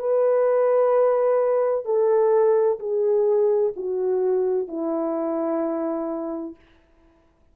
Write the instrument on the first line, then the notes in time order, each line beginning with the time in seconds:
horn
0.00 B4
1.85 A4
2.80 G#4
3.77 F#4
4.68 E4